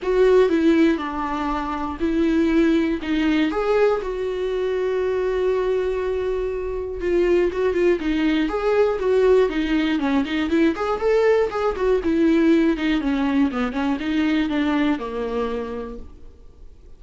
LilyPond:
\new Staff \with { instrumentName = "viola" } { \time 4/4 \tempo 4 = 120 fis'4 e'4 d'2 | e'2 dis'4 gis'4 | fis'1~ | fis'2 f'4 fis'8 f'8 |
dis'4 gis'4 fis'4 dis'4 | cis'8 dis'8 e'8 gis'8 a'4 gis'8 fis'8 | e'4. dis'8 cis'4 b8 cis'8 | dis'4 d'4 ais2 | }